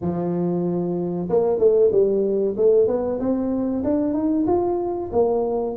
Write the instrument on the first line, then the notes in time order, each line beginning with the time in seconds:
tuba
0.01 F3
1.29 A#3
1.58 A3
1.91 G3
2.56 A3
2.87 B3
3.19 C4
3.84 D4
4.13 D#4
4.47 F4
5.12 A#3